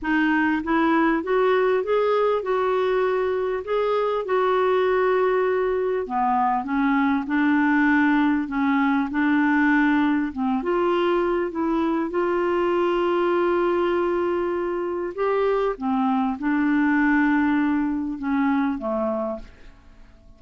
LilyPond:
\new Staff \with { instrumentName = "clarinet" } { \time 4/4 \tempo 4 = 99 dis'4 e'4 fis'4 gis'4 | fis'2 gis'4 fis'4~ | fis'2 b4 cis'4 | d'2 cis'4 d'4~ |
d'4 c'8 f'4. e'4 | f'1~ | f'4 g'4 c'4 d'4~ | d'2 cis'4 a4 | }